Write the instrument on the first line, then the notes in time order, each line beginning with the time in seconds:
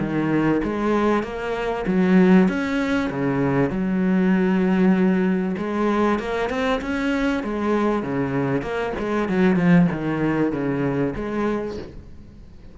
cello
0.00 D#3
0.64 G#3
1.23 A#3
1.87 F#3
2.49 C#4
3.10 C#3
3.71 F#3
5.58 G#3
6.20 A#3
6.50 C4
6.82 C#4
7.43 G#3
8.03 C#3
8.62 A#3
8.99 G#3
9.29 F#3
9.57 F3
9.92 D#3
10.52 C#3
11.16 G#3